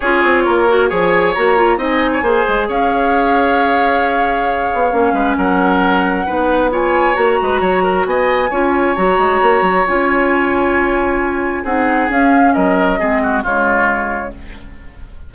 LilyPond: <<
  \new Staff \with { instrumentName = "flute" } { \time 4/4 \tempo 4 = 134 cis''2 gis''4 ais''4 | gis''2 f''2~ | f''1 | fis''2. gis''4 |
ais''2 gis''2 | ais''2 gis''2~ | gis''2 fis''4 f''4 | dis''2 cis''2 | }
  \new Staff \with { instrumentName = "oboe" } { \time 4/4 gis'4 ais'4 cis''2 | dis''8. cis''16 c''4 cis''2~ | cis''2.~ cis''8 b'8 | ais'2 b'4 cis''4~ |
cis''8 b'8 cis''8 ais'8 dis''4 cis''4~ | cis''1~ | cis''2 gis'2 | ais'4 gis'8 fis'8 f'2 | }
  \new Staff \with { instrumentName = "clarinet" } { \time 4/4 f'4. fis'8 gis'4 fis'8 f'8 | dis'4 gis'2.~ | gis'2. cis'4~ | cis'2 dis'4 f'4 |
fis'2. f'4 | fis'2 f'2~ | f'2 dis'4 cis'4~ | cis'4 c'4 gis2 | }
  \new Staff \with { instrumentName = "bassoon" } { \time 4/4 cis'8 c'8 ais4 f4 ais4 | c'4 ais8 gis8 cis'2~ | cis'2~ cis'8 b8 ais8 gis8 | fis2 b2 |
ais8 gis8 fis4 b4 cis'4 | fis8 gis8 ais8 fis8 cis'2~ | cis'2 c'4 cis'4 | fis4 gis4 cis2 | }
>>